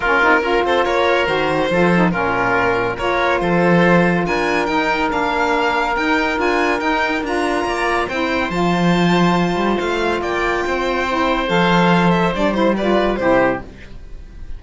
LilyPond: <<
  \new Staff \with { instrumentName = "violin" } { \time 4/4 \tempo 4 = 141 ais'4. c''8 cis''4 c''4~ | c''4 ais'2 cis''4 | c''2 gis''4 g''4 | f''2 g''4 gis''4 |
g''4 ais''2 g''4 | a''2. f''4 | g''2. f''4~ | f''8 e''8 d''8 c''8 d''4 c''4 | }
  \new Staff \with { instrumentName = "oboe" } { \time 4/4 f'4 ais'8 a'8 ais'2 | a'4 f'2 ais'4 | a'2 ais'2~ | ais'1~ |
ais'2 d''4 c''4~ | c''1 | d''4 c''2.~ | c''2 b'4 g'4 | }
  \new Staff \with { instrumentName = "saxophone" } { \time 4/4 cis'8 dis'8 f'2 fis'4 | f'8 dis'8 cis'2 f'4~ | f'2. dis'4 | d'2 dis'4 f'4 |
dis'4 f'2 e'4 | f'1~ | f'2 e'4 a'4~ | a'4 d'8 e'8 f'4 e'4 | }
  \new Staff \with { instrumentName = "cello" } { \time 4/4 ais8 c'8 cis'8 c'8 ais4 dis4 | f4 ais,2 ais4 | f2 d'4 dis'4 | ais2 dis'4 d'4 |
dis'4 d'4 ais4 c'4 | f2~ f8 g8 a4 | ais4 c'2 f4~ | f4 g2 c4 | }
>>